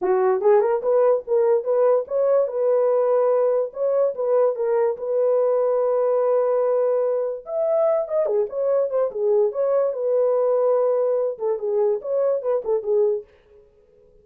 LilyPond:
\new Staff \with { instrumentName = "horn" } { \time 4/4 \tempo 4 = 145 fis'4 gis'8 ais'8 b'4 ais'4 | b'4 cis''4 b'2~ | b'4 cis''4 b'4 ais'4 | b'1~ |
b'2 e''4. dis''8 | gis'8 cis''4 c''8 gis'4 cis''4 | b'2.~ b'8 a'8 | gis'4 cis''4 b'8 a'8 gis'4 | }